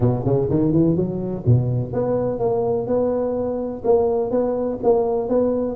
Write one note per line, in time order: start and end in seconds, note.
0.00 0.24 B2
0.24 0.48 C#3
0.49 0.72 D#3
0.72 0.96 E3
0.96 1.44 F#3
1.46 1.92 B2
1.92 2.39 B3
2.39 2.86 A#3
2.86 3.82 B3
3.84 4.30 A#3
4.30 4.78 B3
4.83 5.28 A#3
5.28 5.76 B3